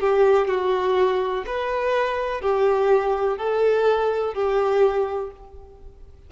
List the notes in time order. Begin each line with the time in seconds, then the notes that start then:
0.00 G4
0.48 F#4
1.46 B4
2.41 G4
3.37 A4
4.34 G4